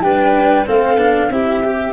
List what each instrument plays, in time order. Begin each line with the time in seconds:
0.00 tuba G3, cello D4, violin B4, flute G5
0.66 tuba A3, cello C4, violin A4, flute F5
0.96 tuba B3, cello D4
1.29 tuba C4, cello E4, violin G4, flute E5
1.63 cello G4